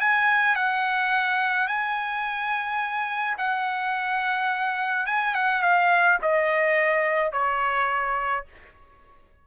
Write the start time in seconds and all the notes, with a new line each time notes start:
0.00 G#5
0.55 F#5
1.67 G#5
3.38 F#5
5.06 G#5
5.34 F#5
5.62 F5
6.21 D#5
7.32 C#5